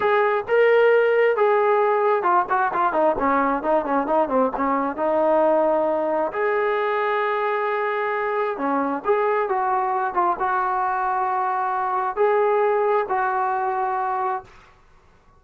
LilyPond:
\new Staff \with { instrumentName = "trombone" } { \time 4/4 \tempo 4 = 133 gis'4 ais'2 gis'4~ | gis'4 f'8 fis'8 f'8 dis'8 cis'4 | dis'8 cis'8 dis'8 c'8 cis'4 dis'4~ | dis'2 gis'2~ |
gis'2. cis'4 | gis'4 fis'4. f'8 fis'4~ | fis'2. gis'4~ | gis'4 fis'2. | }